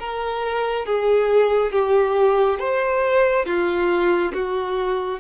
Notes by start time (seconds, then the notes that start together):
0.00 A#4
0.86 G#4
1.72 G4
2.60 C5
3.46 F4
4.34 F#4